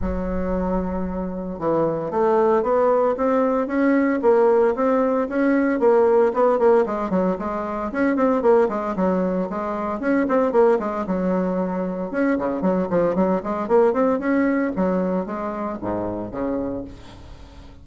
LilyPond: \new Staff \with { instrumentName = "bassoon" } { \time 4/4 \tempo 4 = 114 fis2. e4 | a4 b4 c'4 cis'4 | ais4 c'4 cis'4 ais4 | b8 ais8 gis8 fis8 gis4 cis'8 c'8 |
ais8 gis8 fis4 gis4 cis'8 c'8 | ais8 gis8 fis2 cis'8 cis8 | fis8 f8 fis8 gis8 ais8 c'8 cis'4 | fis4 gis4 gis,4 cis4 | }